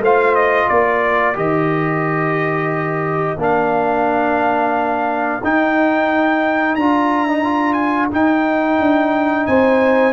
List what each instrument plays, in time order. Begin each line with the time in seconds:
0.00 tuba A3, trombone F4, horn C5, trumpet F5
0.35 trumpet D#5
0.69 tuba A#3, horn A#4, trumpet D5
1.35 tuba D#3, trombone G4, trumpet D#5
3.37 tuba A#3, trombone D4, trumpet F5
5.43 tuba D#4, trombone D#4, trumpet G5
6.76 tuba D4, trombone F4, trumpet A#5
7.29 trombone D#4
7.44 trombone F4
7.73 trumpet G#5
8.12 trombone D#4, tuba D#4, trumpet G5
8.80 tuba D4
9.47 tuba C4, horn C5, trumpet G#5